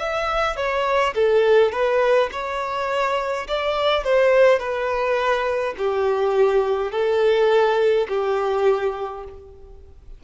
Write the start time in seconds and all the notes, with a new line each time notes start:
0.00 E5
0.57 C#5
1.15 A4
1.73 B4
2.32 C#5
3.48 D5
4.04 C5
4.59 B4
5.78 G4
6.92 A4
8.09 G4